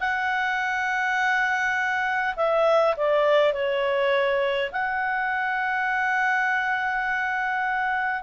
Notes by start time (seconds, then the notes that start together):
0.00 F#5
2.36 E5
2.97 D5
3.53 C#5
4.72 F#5